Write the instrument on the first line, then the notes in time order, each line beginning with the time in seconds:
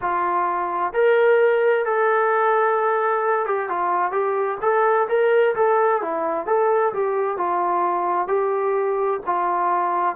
trombone
0.01 F4
0.93 A#4
1.85 A4
3.46 G4
3.69 F4
4.11 G4
4.61 A4
5.08 A#4
5.55 A4
6.01 E4
6.46 A4
6.93 G4
7.37 F4
8.27 G4
9.26 F4